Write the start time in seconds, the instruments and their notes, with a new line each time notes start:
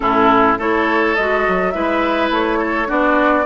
0.00 bassoon A2, clarinet C#4, oboe E4, flute A4
0.58 bassoon A3, clarinet E4, oboe A4, flute C#5
1.15 bassoon G#3, clarinet F#4, flute D#5
1.48 bassoon F#3
1.70 bassoon G#3, clarinet E4, oboe B4, flute E5
2.30 bassoon A3, flute C#5
2.59 oboe A4
2.86 bassoon B3, clarinet D4, oboe F#4, flute D5